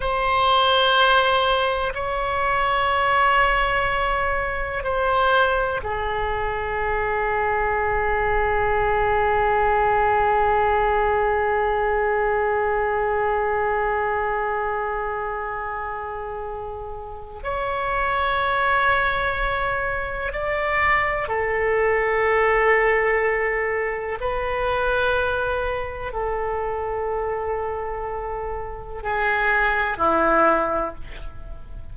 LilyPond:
\new Staff \with { instrumentName = "oboe" } { \time 4/4 \tempo 4 = 62 c''2 cis''2~ | cis''4 c''4 gis'2~ | gis'1~ | gis'1~ |
gis'2 cis''2~ | cis''4 d''4 a'2~ | a'4 b'2 a'4~ | a'2 gis'4 e'4 | }